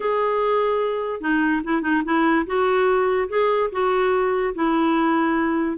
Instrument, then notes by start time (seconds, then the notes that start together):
clarinet
0.00 G#4
1.20 D#4
1.63 E4
1.81 D#4
2.05 E4
2.46 F#4
3.29 G#4
3.71 F#4
4.54 E4